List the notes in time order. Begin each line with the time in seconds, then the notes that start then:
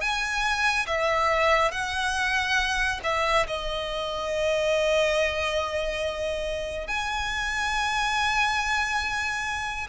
0.00 G#5
0.86 E5
1.71 F#5
3.03 E5
3.47 D#5
6.87 G#5